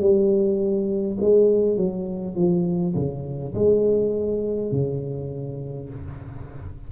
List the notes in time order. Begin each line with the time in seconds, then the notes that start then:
0.00 G3
1.20 G#3
1.77 F#3
2.36 F3
2.95 C#3
3.55 G#3
4.72 C#3